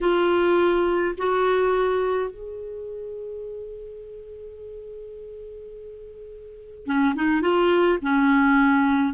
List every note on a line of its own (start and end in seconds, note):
0.01 1.15 F4
1.17 2.30 F#4
2.30 6.85 G#4
6.85 7.14 C#4
7.15 7.41 D#4
7.41 7.98 F4
8.02 9.13 C#4